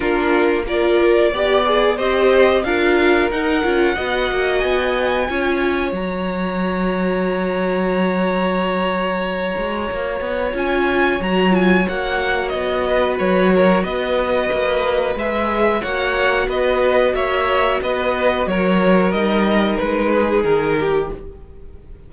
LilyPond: <<
  \new Staff \with { instrumentName = "violin" } { \time 4/4 \tempo 4 = 91 ais'4 d''2 dis''4 | f''4 fis''2 gis''4~ | gis''4 ais''2.~ | ais''1 |
gis''4 ais''8 gis''8 fis''4 dis''4 | cis''4 dis''2 e''4 | fis''4 dis''4 e''4 dis''4 | cis''4 dis''4 b'4 ais'4 | }
  \new Staff \with { instrumentName = "violin" } { \time 4/4 f'4 ais'4 d''4 c''4 | ais'2 dis''2 | cis''1~ | cis''1~ |
cis''2.~ cis''8 b'8~ | b'8 ais'8 b'2. | cis''4 b'4 cis''4 b'4 | ais'2~ ais'8 gis'4 g'8 | }
  \new Staff \with { instrumentName = "viola" } { \time 4/4 d'4 f'4 g'8 gis'8 g'4 | f'4 dis'8 f'8 fis'2 | f'4 fis'2.~ | fis'1 |
f'4 fis'8 f'8 fis'2~ | fis'2. gis'4 | fis'1~ | fis'4 dis'2. | }
  \new Staff \with { instrumentName = "cello" } { \time 4/4 ais2 b4 c'4 | d'4 dis'8 cis'8 b8 ais8 b4 | cis'4 fis2.~ | fis2~ fis8 gis8 ais8 b8 |
cis'4 fis4 ais4 b4 | fis4 b4 ais4 gis4 | ais4 b4 ais4 b4 | fis4 g4 gis4 dis4 | }
>>